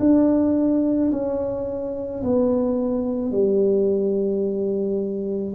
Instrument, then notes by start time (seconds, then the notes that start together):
tuba
0.00 D4
1.12 C#4
2.24 B3
3.32 G3